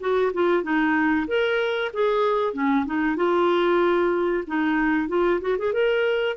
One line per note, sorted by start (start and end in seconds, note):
0.00 0.32 F#4
0.33 0.62 F4
0.62 1.26 D#4
1.27 1.91 A#4
1.93 2.53 G#4
2.53 2.85 C#4
2.85 3.16 D#4
3.16 4.44 F4
4.47 5.08 D#4
5.08 5.40 F4
5.41 5.56 F#4
5.58 5.73 G#4
5.73 6.36 A#4